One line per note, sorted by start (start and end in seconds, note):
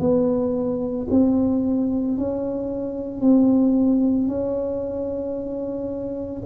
0.00 1.07 B3
1.11 2.18 C4
2.18 3.20 C#4
3.20 4.28 C4
4.28 6.42 C#4